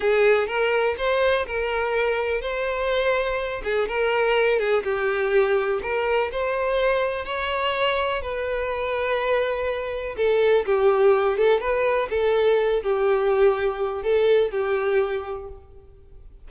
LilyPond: \new Staff \with { instrumentName = "violin" } { \time 4/4 \tempo 4 = 124 gis'4 ais'4 c''4 ais'4~ | ais'4 c''2~ c''8 gis'8 | ais'4. gis'8 g'2 | ais'4 c''2 cis''4~ |
cis''4 b'2.~ | b'4 a'4 g'4. a'8 | b'4 a'4. g'4.~ | g'4 a'4 g'2 | }